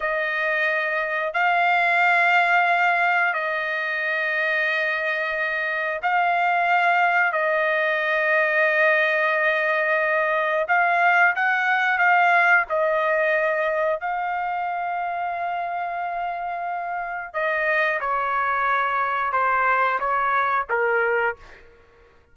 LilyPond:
\new Staff \with { instrumentName = "trumpet" } { \time 4/4 \tempo 4 = 90 dis''2 f''2~ | f''4 dis''2.~ | dis''4 f''2 dis''4~ | dis''1 |
f''4 fis''4 f''4 dis''4~ | dis''4 f''2.~ | f''2 dis''4 cis''4~ | cis''4 c''4 cis''4 ais'4 | }